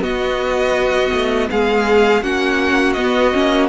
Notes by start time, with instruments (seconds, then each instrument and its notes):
0.00 cello B3, viola B3, violin F#4 D#5
1.13 cello A3
1.50 cello G#3, violin G#4 F5
2.23 cello A#3, viola C#4, violin F#4 F#5
2.93 cello B3, viola B3, violin D#5
3.33 cello A#3, viola C#4